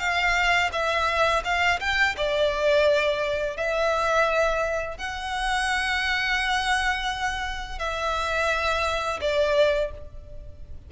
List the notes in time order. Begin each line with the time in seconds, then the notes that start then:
0.00 F5
0.73 E5
1.45 F5
1.81 G5
2.17 D5
3.57 E5
4.98 F#5
7.79 E5
9.21 D5